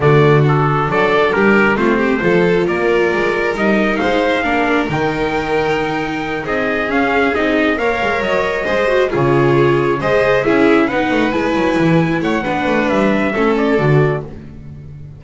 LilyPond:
<<
  \new Staff \with { instrumentName = "trumpet" } { \time 4/4 \tempo 4 = 135 d''4 a'4 d''4 ais'4 | c''2 d''2 | dis''4 f''2 g''4~ | g''2~ g''8 dis''4 f''8~ |
f''8 dis''4 f''4 dis''4.~ | dis''8 cis''2 dis''4 e''8~ | e''8 fis''4 gis''2 fis''8~ | fis''4 e''4. d''4. | }
  \new Staff \with { instrumentName = "violin" } { \time 4/4 fis'2 a'4 g'4 | f'8 g'8 a'4 ais'2~ | ais'4 c''4 ais'2~ | ais'2~ ais'8 gis'4.~ |
gis'4. cis''2 c''8~ | c''8 gis'2 c''4 gis'8~ | gis'8 b'2. cis''8 | b'2 a'2 | }
  \new Staff \with { instrumentName = "viola" } { \time 4/4 a4 d'2. | c'4 f'2. | dis'2 d'4 dis'4~ | dis'2.~ dis'8 cis'8~ |
cis'8 dis'4 ais'2 gis'8 | fis'8 f'2 gis'4 e'8~ | e'8 dis'4 e'2~ e'8 | d'2 cis'4 fis'4 | }
  \new Staff \with { instrumentName = "double bass" } { \time 4/4 d2 fis4 g4 | a4 f4 ais4 gis4 | g4 gis4 ais4 dis4~ | dis2~ dis8 c'4 cis'8~ |
cis'8 c'4 ais8 gis8 fis4 gis8~ | gis8 cis2 gis4 cis'8~ | cis'8 b8 a8 gis8 fis8 e4 a8 | b8 a8 g4 a4 d4 | }
>>